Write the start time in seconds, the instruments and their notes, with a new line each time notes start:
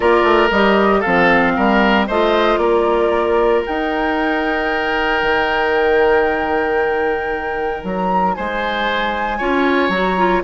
0.00 bassoon A#3, clarinet F4, oboe A#4, flute D5
0.23 bassoon A3
0.50 bassoon G3, clarinet G4, flute D#5
1.00 bassoon F3, clarinet C4, oboe A4, flute F5
1.56 bassoon G3, oboe A#4
2.07 bassoon A3, clarinet F4, oboe C5, flute D#5
2.57 bassoon A#3, oboe A#4, flute D5
3.65 clarinet D#4, bassoon D#4, flute G5
5.22 bassoon D#3
7.83 bassoon F#3, flute A#5
8.33 bassoon G#3, oboe C5, flute G#5
9.38 bassoon C#4, clarinet F4, oboe C#5
9.88 bassoon F#3, clarinet F#4, flute A#5
10.17 clarinet F4